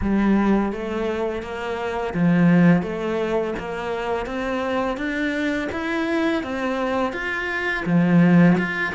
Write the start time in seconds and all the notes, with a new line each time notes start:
0.01 G3
0.72 A3
1.42 A#3
2.14 F3
2.82 A3
3.58 A#3
4.25 C4
4.97 D4
5.72 E4
6.43 C4
7.12 F4
7.85 F3
8.57 F4